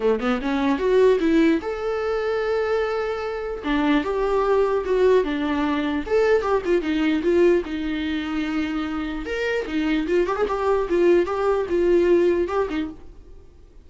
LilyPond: \new Staff \with { instrumentName = "viola" } { \time 4/4 \tempo 4 = 149 a8 b8 cis'4 fis'4 e'4 | a'1~ | a'4 d'4 g'2 | fis'4 d'2 a'4 |
g'8 f'8 dis'4 f'4 dis'4~ | dis'2. ais'4 | dis'4 f'8 g'16 gis'16 g'4 f'4 | g'4 f'2 g'8 dis'8 | }